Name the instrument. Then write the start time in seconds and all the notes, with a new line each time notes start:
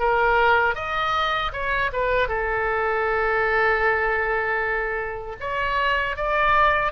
oboe
0.00 A#4
0.76 D#5
1.53 C#5
1.93 B4
2.29 A4
5.41 C#5
6.17 D5